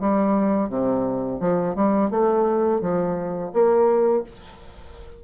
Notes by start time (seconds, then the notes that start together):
0.00 G3
0.69 C3
1.40 F3
1.75 G3
2.10 A3
2.81 F3
3.53 A#3